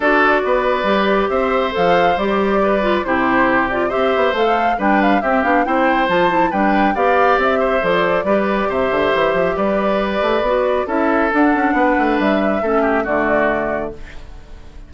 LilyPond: <<
  \new Staff \with { instrumentName = "flute" } { \time 4/4 \tempo 4 = 138 d''2. e''4 | f''4 d''2 c''4~ | c''8 d''8 e''4 f''4 g''8 f''8 | e''8 f''8 g''4 a''4 g''4 |
f''4 e''4 d''2 | e''2 d''2~ | d''4 e''4 fis''2 | e''2 d''2 | }
  \new Staff \with { instrumentName = "oboe" } { \time 4/4 a'4 b'2 c''4~ | c''2 b'4 g'4~ | g'4 c''2 b'4 | g'4 c''2 b'4 |
d''4. c''4. b'4 | c''2 b'2~ | b'4 a'2 b'4~ | b'4 a'8 g'8 fis'2 | }
  \new Staff \with { instrumentName = "clarinet" } { \time 4/4 fis'2 g'2 | a'4 g'4. f'8 e'4~ | e'8 f'8 g'4 a'4 d'4 | c'8 d'8 e'4 f'8 e'8 d'4 |
g'2 a'4 g'4~ | g'1 | fis'4 e'4 d'2~ | d'4 cis'4 a2 | }
  \new Staff \with { instrumentName = "bassoon" } { \time 4/4 d'4 b4 g4 c'4 | f4 g2 c4~ | c4 c'8 b8 a4 g4 | c'8 b8 c'4 f4 g4 |
b4 c'4 f4 g4 | c8 d8 e8 f8 g4. a8 | b4 cis'4 d'8 cis'8 b8 a8 | g4 a4 d2 | }
>>